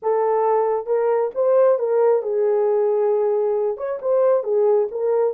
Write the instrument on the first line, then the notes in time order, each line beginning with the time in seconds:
horn
0.02 A4
0.86 A#4
1.34 C5
1.78 A#4
2.22 G#4
3.77 C#5
4.01 C5
4.43 G#4
4.91 A#4